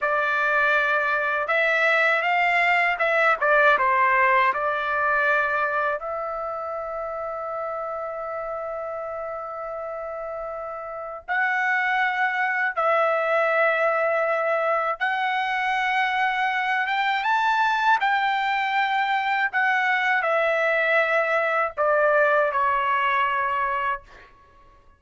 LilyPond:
\new Staff \with { instrumentName = "trumpet" } { \time 4/4 \tempo 4 = 80 d''2 e''4 f''4 | e''8 d''8 c''4 d''2 | e''1~ | e''2. fis''4~ |
fis''4 e''2. | fis''2~ fis''8 g''8 a''4 | g''2 fis''4 e''4~ | e''4 d''4 cis''2 | }